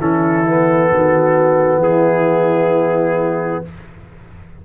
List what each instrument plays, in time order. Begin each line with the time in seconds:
0.00 tuba E3, trombone C#4, horn E4, trumpet A4
0.47 trombone B3
0.91 tuba D#3, horn F#4
1.78 tuba E3, horn E4, trumpet G#4